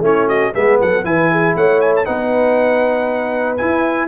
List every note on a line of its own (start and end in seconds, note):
0.00 0.51 A3
0.00 0.54 C#4
0.00 0.27 E4
0.00 0.28 C#5
0.27 0.53 F#4
0.27 0.54 D#5
0.54 0.80 G#3
0.54 1.04 B3
0.54 0.79 G#4
0.54 0.80 E5
0.80 1.04 F#3
0.80 1.05 A4
0.80 1.05 F#5
1.04 1.55 E3
1.04 2.05 E4
1.04 1.31 B4
1.04 1.55 G#5
1.31 1.56 G#4
1.56 2.07 A3
1.56 2.05 C#5
1.56 1.81 F#5
1.81 1.94 G#5
1.96 2.06 A5
2.05 3.60 B3
2.05 3.57 D#4
2.05 4.08 B4
2.05 3.57 F#5
3.57 4.08 E4
3.57 4.08 G#5